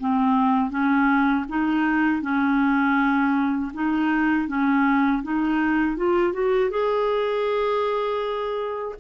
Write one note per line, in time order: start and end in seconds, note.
0.00 0.70 C4
0.70 1.45 C#4
1.49 2.22 D#4
2.22 3.72 C#4
3.74 4.48 D#4
4.48 5.23 C#4
5.23 5.97 D#4
5.97 6.33 F4
6.33 6.70 F#4
6.70 8.95 G#4